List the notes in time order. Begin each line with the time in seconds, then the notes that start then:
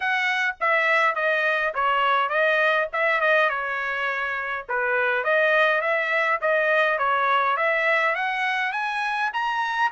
0.00 F#5
0.60 E5
1.15 D#5
1.74 C#5
2.29 D#5
2.93 E5
3.20 D#5
3.49 C#5
4.68 B4
5.24 D#5
5.81 E5
6.41 D#5
6.98 C#5
7.56 E5
8.15 F#5
8.72 G#5
9.33 A#5